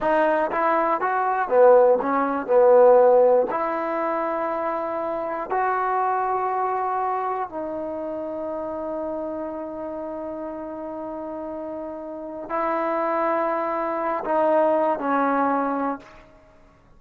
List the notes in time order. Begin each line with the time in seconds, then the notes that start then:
0.00 D#4
0.51 E4
1.00 F#4
1.49 B3
2.01 C#4
2.47 B3
3.50 E4
5.50 F#4
7.49 D#4
12.49 E4
14.24 D#4
14.99 C#4